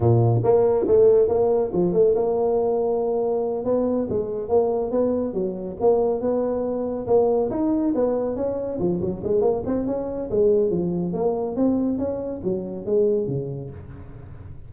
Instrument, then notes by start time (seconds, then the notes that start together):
tuba
0.00 A#2
0.43 A#3
0.87 A3
1.28 A#3
1.73 F3
1.92 A3
2.15 A#3
3.64 B3
4.09 G#3
4.48 A#3
4.91 B3
5.33 F#3
5.80 A#3
6.20 B3
7.06 A#3
7.50 D#4
7.95 B3
8.36 C#4
8.79 F3
9.00 F#3
9.23 G#3
9.41 A#3
9.65 C4
9.86 C#4
10.30 G#3
10.70 F3
11.13 A#3
11.56 C4
11.98 C#4
12.43 F#3
12.85 G#3
13.27 C#3